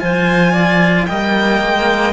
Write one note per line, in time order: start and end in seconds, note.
0.00 1.10 F3
0.00 1.07 F4
0.00 0.53 C5
0.00 1.06 G#5
0.53 1.06 D5
1.06 1.62 G3
1.06 2.13 A#3
1.06 2.13 D#5
1.06 2.13 G5
1.62 2.13 G#3